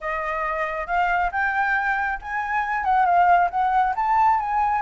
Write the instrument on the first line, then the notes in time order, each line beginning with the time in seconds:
flute
0.00 D#5
0.87 F5
1.31 G5
2.21 G#5
2.84 F#5
3.05 F5
3.50 F#5
3.95 A5
4.39 G#5